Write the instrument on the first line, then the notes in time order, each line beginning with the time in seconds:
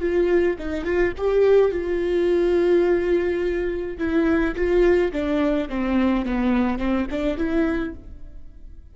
viola
0.00 F4
0.58 D#4
0.84 F4
1.17 G4
1.71 F4
3.98 E4
4.55 F4
5.12 D4
5.69 C4
6.25 B3
6.78 C4
7.10 D4
7.37 E4